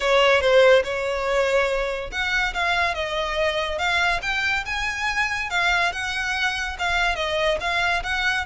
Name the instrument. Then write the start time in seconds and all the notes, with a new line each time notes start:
violin
0.00 C#5
0.40 C5
0.84 C#5
2.11 F#5
2.54 F5
2.94 D#5
3.78 F5
4.22 G5
4.65 G#5
5.49 F5
5.92 F#5
6.78 F5
7.15 D#5
7.60 F5
8.03 F#5